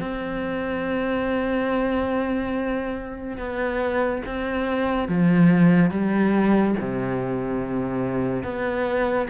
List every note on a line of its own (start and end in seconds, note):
0.00 3.38 C4
3.38 4.22 B3
4.26 5.08 C4
5.08 5.91 F3
5.91 6.75 G3
6.80 8.44 C3
8.44 9.28 B3